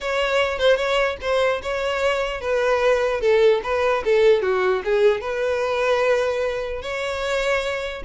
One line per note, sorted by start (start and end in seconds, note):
0.00 0.58 C#5
0.58 0.76 C5
0.76 1.16 C#5
1.21 1.61 C5
1.62 2.41 C#5
2.41 3.20 B4
3.20 3.61 A4
3.63 4.03 B4
4.04 4.42 A4
4.42 4.82 F#4
4.84 5.21 G#4
5.21 6.82 B4
6.82 8.03 C#5